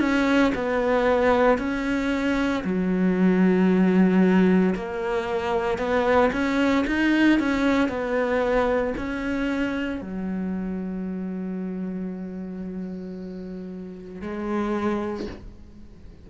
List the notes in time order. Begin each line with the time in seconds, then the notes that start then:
0.00 C#4
0.55 B3
1.59 C#4
2.65 F#3
4.76 A#3
5.78 B3
6.33 C#4
6.88 D#4
7.40 C#4
7.89 B3
8.98 C#4
10.02 F#3
14.22 G#3